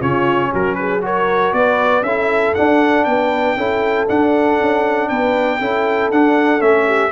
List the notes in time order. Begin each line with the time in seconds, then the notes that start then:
0.00 C#3 C#4 F4 C#5
0.53 F#3 F#4 A#4
0.75 G#4 B4
1.02 F#4 A#4 C#5
1.53 B3 B4 D5
2.02 C#4 E4 A4 E5
2.55 D4 F#5
3.05 B3 B4 G5
3.57 C#4 E4 A4
4.08 D4 F#5
4.61 C#4
5.09 B3 B4 G5
5.59 C#4 E4 A4
6.12 D4 F#5
6.60 A3 C#4 E5
6.87 G4